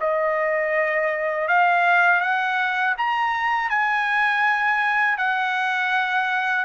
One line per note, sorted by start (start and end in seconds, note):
0.00 1.48 D#5
1.48 2.21 F5
2.21 2.95 F#5
2.98 3.70 A#5
3.70 5.18 G#5
5.18 6.65 F#5